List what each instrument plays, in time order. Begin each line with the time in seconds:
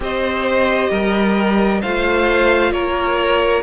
0.00 cello C4, viola G4, violin C5 D#5
0.90 cello G3, violin A#4
1.81 cello A3, viola F4, violin C5 F5
2.71 cello A#3, violin A#4 C#5